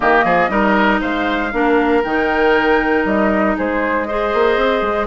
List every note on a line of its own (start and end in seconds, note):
0.00 0.24 D#3
0.00 0.49 A#3
0.00 0.24 G4
0.00 1.01 D#5
0.24 0.49 F3
0.24 0.50 G#4
0.49 1.00 G3
0.49 1.51 D#4
0.49 1.00 A#4
1.00 1.52 G#3
1.00 1.51 C5
1.00 2.03 F5
1.52 2.03 A#3
1.52 2.03 D4
1.52 3.57 A#4
2.03 3.04 D#3
2.03 4.08 D#4
2.03 3.05 G5
3.04 3.55 G3
3.04 3.56 D#5
3.57 4.33 G#3
3.57 4.07 G#4
3.57 4.05 C5
4.05 5.07 G#4
4.05 5.07 C5
4.05 5.06 D#5
4.33 4.56 A#3
4.56 4.81 C4
4.81 5.07 G#3